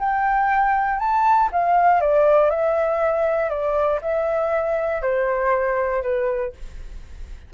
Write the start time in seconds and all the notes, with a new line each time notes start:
0.00 G5
1.00 A5
1.53 F5
2.01 D5
2.50 E5
3.50 D5
4.02 E5
5.02 C5
6.03 B4